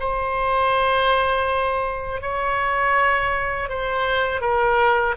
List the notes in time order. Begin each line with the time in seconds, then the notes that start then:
0.00 C5
2.22 C#5
3.69 C5
4.41 A#4